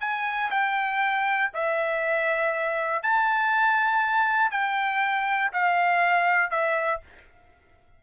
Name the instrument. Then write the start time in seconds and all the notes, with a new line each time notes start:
trumpet
0.00 G#5
0.50 G5
1.54 E5
3.02 A5
4.51 G5
5.52 F5
6.50 E5